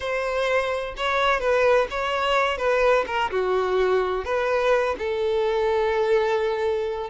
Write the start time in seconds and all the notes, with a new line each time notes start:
0.00 C5
0.96 C#5
1.40 B4
1.90 C#5
2.57 B4
3.06 A#4
3.30 F#4
4.24 B4
4.98 A4